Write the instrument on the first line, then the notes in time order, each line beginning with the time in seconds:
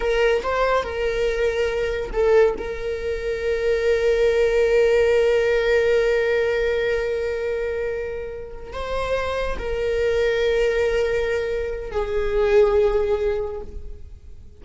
viola
0.00 A#4
0.42 C5
0.83 A#4
2.12 A4
2.58 A#4
8.72 C5
9.58 A#4
11.91 G#4